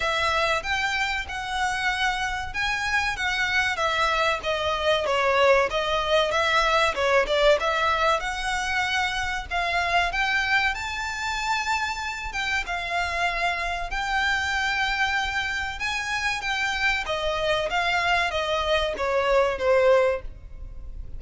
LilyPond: \new Staff \with { instrumentName = "violin" } { \time 4/4 \tempo 4 = 95 e''4 g''4 fis''2 | gis''4 fis''4 e''4 dis''4 | cis''4 dis''4 e''4 cis''8 d''8 | e''4 fis''2 f''4 |
g''4 a''2~ a''8 g''8 | f''2 g''2~ | g''4 gis''4 g''4 dis''4 | f''4 dis''4 cis''4 c''4 | }